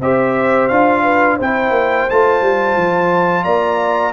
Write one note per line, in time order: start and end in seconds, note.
0.00 0.69 C4
0.00 0.71 G4
0.00 1.02 C5
0.00 0.68 E5
0.68 1.39 D4
0.68 1.40 F4
0.68 1.37 F5
1.02 1.37 B4
1.37 1.70 C4
1.37 2.09 E4
1.37 3.43 C5
1.37 2.09 G5
1.70 2.05 A#3
2.09 2.41 A3
2.09 4.13 F4
2.09 3.43 A5
2.41 2.75 G3
2.76 3.45 F3
3.43 4.13 A#3
3.43 4.12 D5
3.43 4.12 A#5